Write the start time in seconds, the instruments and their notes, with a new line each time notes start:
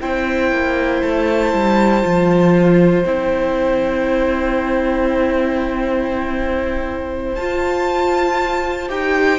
0.00 cello C4, viola E4, violin C5 G5
0.51 cello A#3
1.02 cello A3, violin A5
1.53 cello G3
2.02 cello F3, viola F4
3.04 cello C4, viola E4, violin G5
7.35 cello F4, viola F4, violin A5
8.88 cello D#4, viola G4, violin G5